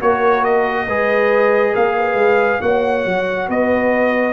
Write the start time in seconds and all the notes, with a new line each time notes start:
0.00 A#3 F#4 A#4 C#5
0.44 D#5
0.86 G#3 G#4 B4
1.73 A#3 A#4 F5
1.96 B4
2.14 G#3
2.61 A#3 F#4 C#5 F#5
3.05 F#3
3.48 B3 B4 D#5